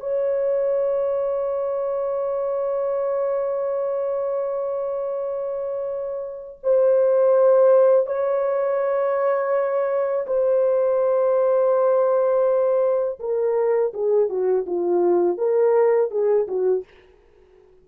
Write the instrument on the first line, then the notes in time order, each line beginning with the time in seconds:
horn
0.00 C#5
6.63 C5
8.06 C#5
10.26 C5
13.19 A#4
13.94 G#4
14.29 F#4
14.66 F4
15.38 A#4
16.10 G#4
16.47 F#4